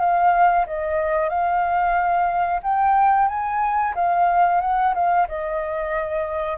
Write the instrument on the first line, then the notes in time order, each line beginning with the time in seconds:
flute
0.00 F5
0.67 D#5
1.29 F5
2.63 G5
3.28 G#5
3.95 F5
4.61 F#5
4.95 F5
5.28 D#5